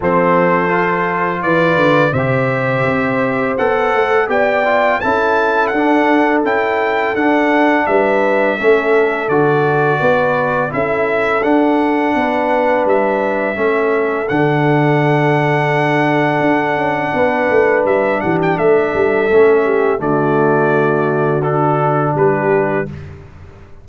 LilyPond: <<
  \new Staff \with { instrumentName = "trumpet" } { \time 4/4 \tempo 4 = 84 c''2 d''4 e''4~ | e''4 fis''4 g''4 a''4 | fis''4 g''4 fis''4 e''4~ | e''4 d''2 e''4 |
fis''2 e''2 | fis''1~ | fis''4 e''8 fis''16 g''16 e''2 | d''2 a'4 b'4 | }
  \new Staff \with { instrumentName = "horn" } { \time 4/4 a'2 b'4 c''4~ | c''2 d''4 a'4~ | a'2. b'4 | a'2 b'4 a'4~ |
a'4 b'2 a'4~ | a'1 | b'4. g'8 a'4. g'8 | fis'2. g'4 | }
  \new Staff \with { instrumentName = "trombone" } { \time 4/4 c'4 f'2 g'4~ | g'4 a'4 g'8 f'8 e'4 | d'4 e'4 d'2 | cis'4 fis'2 e'4 |
d'2. cis'4 | d'1~ | d'2. cis'4 | a2 d'2 | }
  \new Staff \with { instrumentName = "tuba" } { \time 4/4 f2 e8 d8 c4 | c'4 b8 a8 b4 cis'4 | d'4 cis'4 d'4 g4 | a4 d4 b4 cis'4 |
d'4 b4 g4 a4 | d2. d'8 cis'8 | b8 a8 g8 e8 a8 g8 a4 | d2. g4 | }
>>